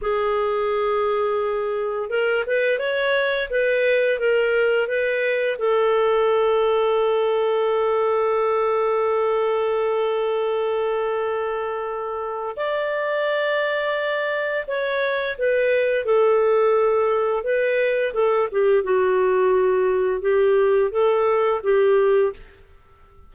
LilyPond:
\new Staff \with { instrumentName = "clarinet" } { \time 4/4 \tempo 4 = 86 gis'2. ais'8 b'8 | cis''4 b'4 ais'4 b'4 | a'1~ | a'1~ |
a'2 d''2~ | d''4 cis''4 b'4 a'4~ | a'4 b'4 a'8 g'8 fis'4~ | fis'4 g'4 a'4 g'4 | }